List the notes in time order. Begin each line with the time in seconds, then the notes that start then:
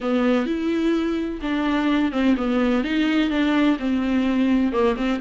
0.00 B3
0.46 E4
1.41 D4
2.12 C4
2.36 B3
2.83 D#4
3.30 D4
3.79 C4
4.72 A#3
4.96 C4